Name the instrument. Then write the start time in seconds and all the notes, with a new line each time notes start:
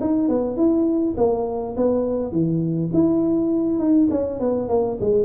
tuba
0.00 D#4
0.28 B3
0.56 E4
1.17 A#3
1.76 B3
2.31 E3
2.93 E4
3.79 D#4
4.10 C#4
4.39 B3
4.68 A#3
5.00 G#3